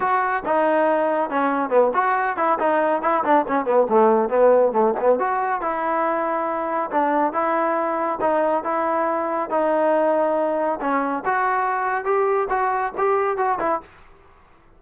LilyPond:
\new Staff \with { instrumentName = "trombone" } { \time 4/4 \tempo 4 = 139 fis'4 dis'2 cis'4 | b8 fis'4 e'8 dis'4 e'8 d'8 | cis'8 b8 a4 b4 a8 b8 | fis'4 e'2. |
d'4 e'2 dis'4 | e'2 dis'2~ | dis'4 cis'4 fis'2 | g'4 fis'4 g'4 fis'8 e'8 | }